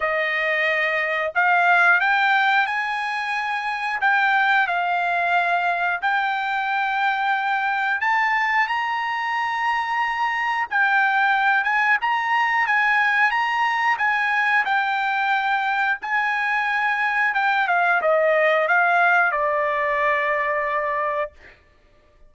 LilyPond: \new Staff \with { instrumentName = "trumpet" } { \time 4/4 \tempo 4 = 90 dis''2 f''4 g''4 | gis''2 g''4 f''4~ | f''4 g''2. | a''4 ais''2. |
g''4. gis''8 ais''4 gis''4 | ais''4 gis''4 g''2 | gis''2 g''8 f''8 dis''4 | f''4 d''2. | }